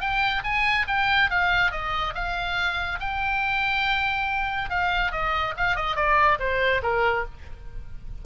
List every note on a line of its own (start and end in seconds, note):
0.00 0.43 G5
0.44 0.86 G#5
0.87 1.30 G5
1.30 1.71 F5
1.71 2.14 D#5
2.14 2.99 F5
3.00 4.70 G5
4.70 5.12 F5
5.12 5.54 D#5
5.57 5.75 F5
5.75 5.96 D#5
5.96 6.38 D5
6.39 6.82 C5
6.82 7.25 A#4